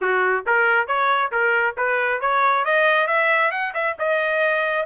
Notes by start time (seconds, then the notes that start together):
0.01 F#4
0.46 A#4
0.87 C#5
1.31 A#4
1.77 B4
2.20 C#5
2.65 D#5
3.07 E5
3.51 F#5
3.73 E5
3.98 D#5